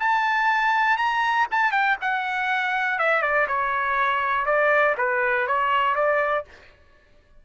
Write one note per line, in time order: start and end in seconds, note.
0.00 0.98 A5
0.98 1.47 A#5
1.51 1.72 A5
1.72 1.97 G5
2.02 2.99 F#5
2.99 3.22 E5
3.22 3.47 D5
3.48 4.46 C#5
4.46 4.95 D5
4.98 5.47 B4
5.47 5.96 C#5
5.96 6.45 D5